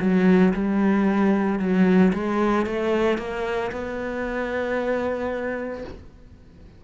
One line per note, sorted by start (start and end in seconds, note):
0.00 0.53 F#3
0.54 1.59 G3
1.59 2.12 F#3
2.13 2.66 G#3
2.66 3.18 A3
3.18 3.71 A#3
3.72 5.84 B3